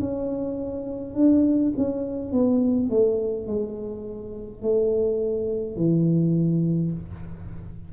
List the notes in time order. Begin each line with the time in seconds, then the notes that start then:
0.00 C#4
1.15 D4
1.77 C#4
2.32 B3
2.90 A3
3.47 G#3
4.62 A3
5.76 E3